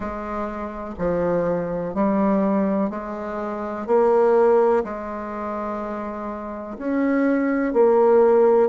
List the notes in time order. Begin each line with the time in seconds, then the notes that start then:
0.00 G#3
0.98 F3
1.94 G3
2.89 G#3
3.86 A#3
4.84 G#3
6.77 C#4
7.73 A#3